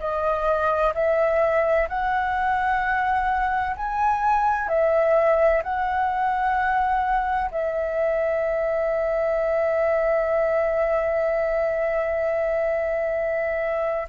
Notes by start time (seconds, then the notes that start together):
0.00 D#5
0.95 E5
1.89 F#5
3.77 G#5
4.69 E5
5.63 F#5
7.52 E5